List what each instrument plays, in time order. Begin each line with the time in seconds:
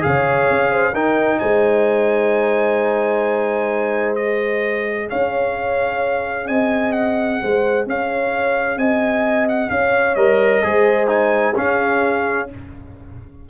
0.00 tuba C#3, trombone G#4, trumpet F5
0.07 horn C#5
0.50 tuba C#4
0.70 horn C5
0.92 tuba D#4, trombone D#4, horn A#4, trumpet G5
1.39 tuba G#3, horn C5, trumpet G#5
4.15 trombone G#4, trumpet D#5
5.08 tuba C#4, horn C#5, trumpet F5
6.47 tuba C4, horn D#5, trumpet G#5
6.92 trumpet F#5
7.42 tuba G#3, horn C5
7.86 tuba C#4, horn C#5, trumpet F5
8.77 tuba C4, horn D#5, trumpet G#5
9.48 trumpet F#5
9.70 tuba C#4, horn C#5, trumpet F5
10.15 tuba G3, trombone A#4, trumpet D#5
10.63 tuba G#3, trombone G#4, horn C5
11.07 trombone D#4, trumpet G#5
11.55 trombone C#4, tuba C#4, horn G#4, trumpet F5